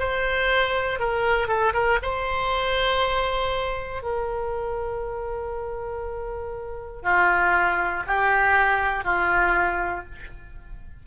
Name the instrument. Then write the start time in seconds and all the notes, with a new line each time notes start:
oboe
0.00 C5
1.00 A#4
1.48 A4
1.74 A#4
2.03 C5
4.03 A#4
7.03 F4
8.07 G4
9.05 F4